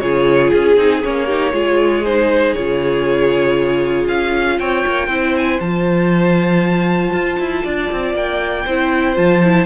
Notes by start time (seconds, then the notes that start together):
0.00 C#3 F4 G#4 C#5
0.52 C#4 G#4
0.77 C4 D#4
1.04 A#3 C#4 C#5
1.27 D#4 G4
1.53 G#3 F4 G#4
2.06 D#4 C5
2.54 C#3 F4 C#5
4.09 C#4 F5
4.59 C4 C#5 G5
4.87 A#3
5.08 C4 E4 C5
5.37 G#5
5.60 F3 F4 A5
7.14 F4
7.40 E4
7.65 D4 D5
7.92 C4
8.15 A#3 G5
8.66 C4 E4 C5
9.16 F3 F4 A5
9.44 E4